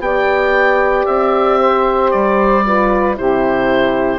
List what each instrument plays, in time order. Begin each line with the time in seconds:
0.00 bassoon B3, horn G4, saxophone D5, oboe G5
1.06 bassoon C4, oboe E5
1.60 saxophone C5
2.11 bassoon G3, oboe D5
2.65 horn F4, saxophone B4
3.15 bassoon C3, horn E4, saxophone G4, oboe C5